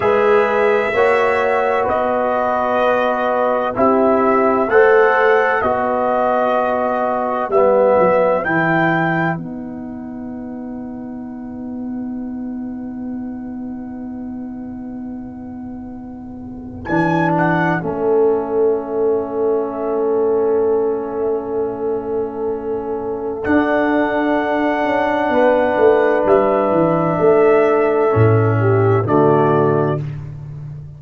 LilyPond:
<<
  \new Staff \with { instrumentName = "trumpet" } { \time 4/4 \tempo 4 = 64 e''2 dis''2 | e''4 fis''4 dis''2 | e''4 g''4 fis''2~ | fis''1~ |
fis''2 gis''8 fis''8 e''4~ | e''1~ | e''4 fis''2. | e''2. d''4 | }
  \new Staff \with { instrumentName = "horn" } { \time 4/4 b'4 cis''4 b'2 | g'4 c''4 b'2~ | b'1~ | b'1~ |
b'2. a'4~ | a'1~ | a'2. b'4~ | b'4 a'4. g'8 fis'4 | }
  \new Staff \with { instrumentName = "trombone" } { \time 4/4 gis'4 fis'2. | e'4 a'4 fis'2 | b4 e'4 dis'2~ | dis'1~ |
dis'2 d'4 cis'4~ | cis'1~ | cis'4 d'2.~ | d'2 cis'4 a4 | }
  \new Staff \with { instrumentName = "tuba" } { \time 4/4 gis4 ais4 b2 | c'4 a4 b2 | g8 fis8 e4 b2~ | b1~ |
b2 e4 a4~ | a1~ | a4 d'4. cis'8 b8 a8 | g8 e8 a4 a,4 d4 | }
>>